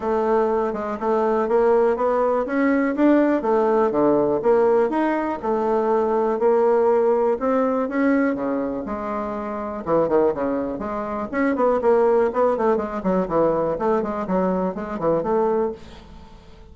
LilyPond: \new Staff \with { instrumentName = "bassoon" } { \time 4/4 \tempo 4 = 122 a4. gis8 a4 ais4 | b4 cis'4 d'4 a4 | d4 ais4 dis'4 a4~ | a4 ais2 c'4 |
cis'4 cis4 gis2 | e8 dis8 cis4 gis4 cis'8 b8 | ais4 b8 a8 gis8 fis8 e4 | a8 gis8 fis4 gis8 e8 a4 | }